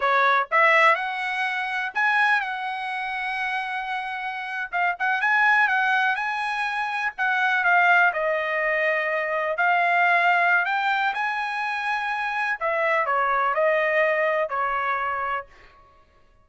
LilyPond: \new Staff \with { instrumentName = "trumpet" } { \time 4/4 \tempo 4 = 124 cis''4 e''4 fis''2 | gis''4 fis''2.~ | fis''4.~ fis''16 f''8 fis''8 gis''4 fis''16~ | fis''8. gis''2 fis''4 f''16~ |
f''8. dis''2. f''16~ | f''2 g''4 gis''4~ | gis''2 e''4 cis''4 | dis''2 cis''2 | }